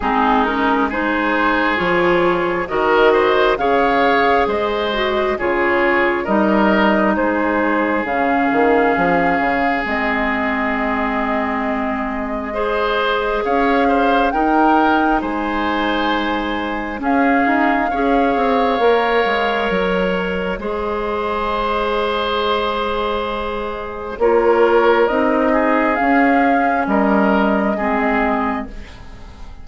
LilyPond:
<<
  \new Staff \with { instrumentName = "flute" } { \time 4/4 \tempo 4 = 67 gis'8 ais'8 c''4 cis''4 dis''4 | f''4 dis''4 cis''4 dis''4 | c''4 f''2 dis''4~ | dis''2. f''4 |
g''4 gis''2 f''4~ | f''2 dis''2~ | dis''2. cis''4 | dis''4 f''4 dis''2 | }
  \new Staff \with { instrumentName = "oboe" } { \time 4/4 dis'4 gis'2 ais'8 c''8 | cis''4 c''4 gis'4 ais'4 | gis'1~ | gis'2 c''4 cis''8 c''8 |
ais'4 c''2 gis'4 | cis''2. c''4~ | c''2. ais'4~ | ais'8 gis'4. ais'4 gis'4 | }
  \new Staff \with { instrumentName = "clarinet" } { \time 4/4 c'8 cis'8 dis'4 f'4 fis'4 | gis'4. fis'8 f'4 dis'4~ | dis'4 cis'2 c'4~ | c'2 gis'2 |
dis'2. cis'4 | gis'4 ais'2 gis'4~ | gis'2. f'4 | dis'4 cis'2 c'4 | }
  \new Staff \with { instrumentName = "bassoon" } { \time 4/4 gis2 f4 dis4 | cis4 gis4 cis4 g4 | gis4 cis8 dis8 f8 cis8 gis4~ | gis2. cis'4 |
dis'4 gis2 cis'8 dis'8 | cis'8 c'8 ais8 gis8 fis4 gis4~ | gis2. ais4 | c'4 cis'4 g4 gis4 | }
>>